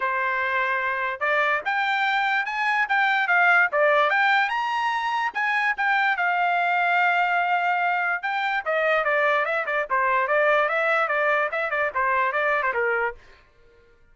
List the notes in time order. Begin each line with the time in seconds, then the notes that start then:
0.00 C5
1.20 D5
1.65 G5
2.45 G#5
2.89 G5
3.27 F5
3.71 D5
4.09 G5
4.49 A#5
5.33 G#5
5.77 G5
6.16 F5
8.22 G5
8.65 D#5
9.04 D5
9.45 E5
9.66 D5
9.90 C5
10.27 D5
10.68 E5
11.08 D5
11.51 E5
11.70 D5
11.94 C5
12.32 D5
12.62 C5
12.73 A#4